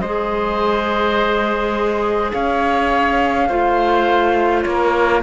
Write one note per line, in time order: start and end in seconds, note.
0.00 2.32 G#3
0.00 3.50 G#4
0.00 2.32 C5
0.00 2.31 D#5
2.33 3.50 C#4
2.33 3.49 C#5
2.33 4.63 F5
3.49 4.65 A3
3.49 5.23 F4
3.49 4.64 C5
4.63 5.23 A#3
4.63 5.23 A#4
4.63 5.21 C#5